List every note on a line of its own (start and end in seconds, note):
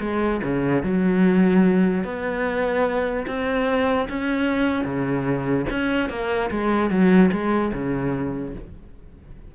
0.00 0.41 G#3
0.43 0.83 C#3
0.83 2.04 F#3
2.04 3.26 B3
3.27 4.08 C4
4.09 4.84 C#4
4.84 5.65 C#3
5.70 6.09 C#4
6.09 6.50 A#3
6.50 6.90 G#3
6.90 7.30 F#3
7.32 7.72 G#3
7.73 8.54 C#3